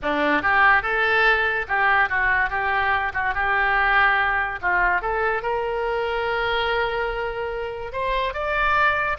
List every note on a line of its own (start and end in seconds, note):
0.02 0.41 D4
0.41 0.82 G4
0.82 1.66 A4
1.68 2.09 G4
2.09 2.49 F#4
2.49 3.12 G4
3.13 3.34 F#4
3.34 4.59 G4
4.61 5.01 F4
5.01 5.42 A4
5.42 7.92 A#4
7.92 8.33 C5
8.33 9.17 D5